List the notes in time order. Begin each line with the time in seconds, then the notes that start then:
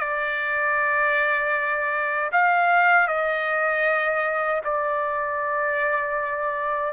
0.00 D5
2.33 F5
3.08 D#5
4.65 D5